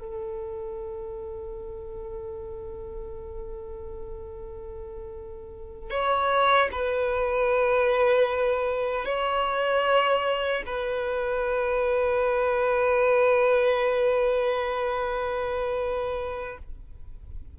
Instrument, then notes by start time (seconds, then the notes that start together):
violin
0.00 A4
5.90 C#5
6.72 B4
9.05 C#5
10.67 B4